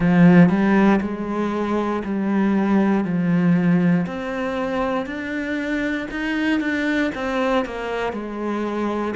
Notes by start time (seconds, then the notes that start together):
0.00 F3
0.49 G3
1.01 G#3
2.04 G3
3.04 F3
4.06 C4
5.06 D4
6.11 D#4
6.60 D4
7.14 C4
7.65 A#3
8.13 G#3